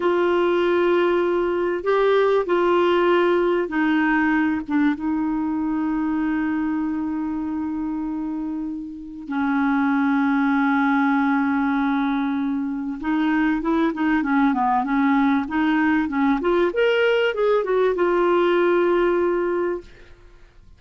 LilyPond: \new Staff \with { instrumentName = "clarinet" } { \time 4/4 \tempo 4 = 97 f'2. g'4 | f'2 dis'4. d'8 | dis'1~ | dis'2. cis'4~ |
cis'1~ | cis'4 dis'4 e'8 dis'8 cis'8 b8 | cis'4 dis'4 cis'8 f'8 ais'4 | gis'8 fis'8 f'2. | }